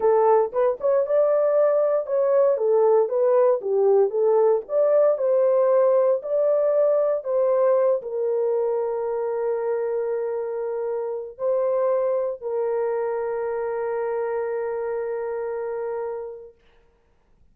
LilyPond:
\new Staff \with { instrumentName = "horn" } { \time 4/4 \tempo 4 = 116 a'4 b'8 cis''8 d''2 | cis''4 a'4 b'4 g'4 | a'4 d''4 c''2 | d''2 c''4. ais'8~ |
ais'1~ | ais'2 c''2 | ais'1~ | ais'1 | }